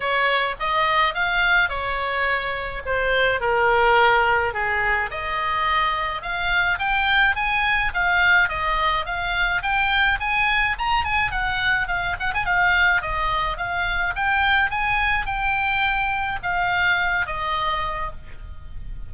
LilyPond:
\new Staff \with { instrumentName = "oboe" } { \time 4/4 \tempo 4 = 106 cis''4 dis''4 f''4 cis''4~ | cis''4 c''4 ais'2 | gis'4 dis''2 f''4 | g''4 gis''4 f''4 dis''4 |
f''4 g''4 gis''4 ais''8 gis''8 | fis''4 f''8 fis''16 gis''16 f''4 dis''4 | f''4 g''4 gis''4 g''4~ | g''4 f''4. dis''4. | }